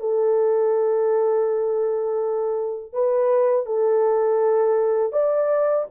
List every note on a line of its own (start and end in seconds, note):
0.00 2.93 A4
2.93 3.66 B4
3.66 5.13 A4
5.13 5.86 D5